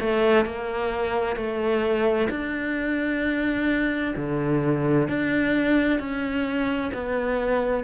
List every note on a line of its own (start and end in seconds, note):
0.00 0.45 A3
0.45 1.36 A#3
1.36 2.28 A3
2.30 4.15 D4
4.16 5.09 D3
5.09 5.99 D4
5.99 6.91 C#4
6.94 7.84 B3